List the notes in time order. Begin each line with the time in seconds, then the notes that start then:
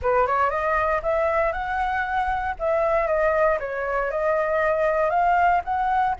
0.01 B4
0.26 C#5
0.50 D#5
1.02 E5
1.52 F#5
2.59 E5
3.07 D#5
3.59 C#5
4.10 D#5
5.10 F5
5.64 F#5